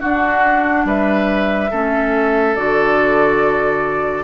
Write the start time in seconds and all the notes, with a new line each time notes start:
0.00 D4 F#4 F#5
0.85 G3 B4 E5
1.70 A3 C#4 A4
2.55 D3 F#4 D5